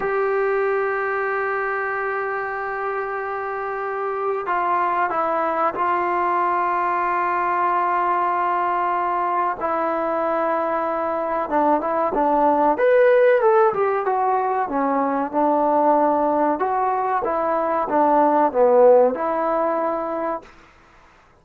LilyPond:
\new Staff \with { instrumentName = "trombone" } { \time 4/4 \tempo 4 = 94 g'1~ | g'2. f'4 | e'4 f'2.~ | f'2. e'4~ |
e'2 d'8 e'8 d'4 | b'4 a'8 g'8 fis'4 cis'4 | d'2 fis'4 e'4 | d'4 b4 e'2 | }